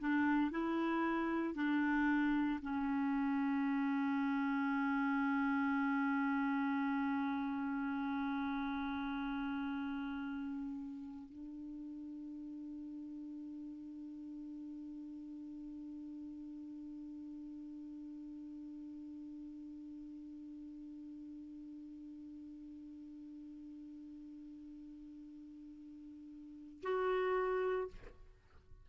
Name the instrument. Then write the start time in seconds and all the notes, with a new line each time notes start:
clarinet
0.00 D4
0.51 E4
1.55 D4
2.62 C#4
11.30 D4
26.83 F#4